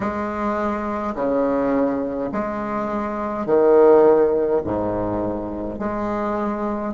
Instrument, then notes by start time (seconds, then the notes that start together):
bassoon
0.00 G#3
1.15 C#3
2.32 G#3
3.46 D#3
4.64 G#2
5.78 G#3